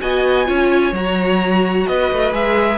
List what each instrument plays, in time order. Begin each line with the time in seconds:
0.00 cello B3, viola F#4, violin D#5 G#5
0.45 cello C#4, viola F4, violin C#5
0.92 cello F#3, viola F#4, violin A#5
1.86 cello B3, violin B4 D#5
2.12 cello A3
2.32 cello G#3, viola G#4, violin E5